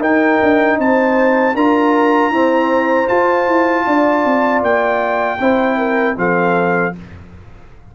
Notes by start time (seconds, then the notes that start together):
0.00 D#4 A#4 G5
0.43 D4
0.78 C4 C5 A5
1.55 D4 F4 A#4 A#5
2.31 C4 E4 C5
3.07 F4 A5
3.48 E4
3.87 D4 D5
4.25 C4
4.62 A#3 G5
5.40 C4 E4 C5
5.78 A#4
6.16 F3 C4 A4 F5